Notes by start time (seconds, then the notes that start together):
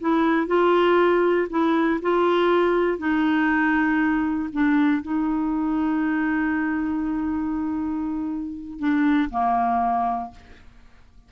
0.00 E4
0.47 F4
1.50 E4
2.02 F4
2.98 D#4
4.53 D4
5.02 D#4
8.79 D4
9.30 A#3